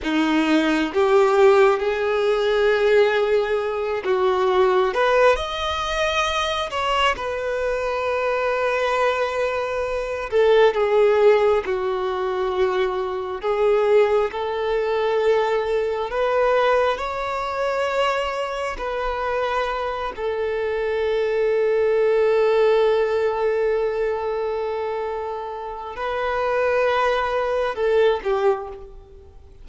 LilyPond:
\new Staff \with { instrumentName = "violin" } { \time 4/4 \tempo 4 = 67 dis'4 g'4 gis'2~ | gis'8 fis'4 b'8 dis''4. cis''8 | b'2.~ b'8 a'8 | gis'4 fis'2 gis'4 |
a'2 b'4 cis''4~ | cis''4 b'4. a'4.~ | a'1~ | a'4 b'2 a'8 g'8 | }